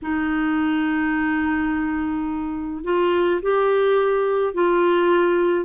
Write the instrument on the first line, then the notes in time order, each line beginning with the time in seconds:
clarinet
0.02 D#4
2.84 F4
3.42 G4
4.54 F4